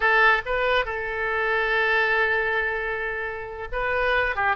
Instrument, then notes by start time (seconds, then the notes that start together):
oboe
0.00 A4
0.45 B4
0.85 A4
3.72 B4
4.35 G4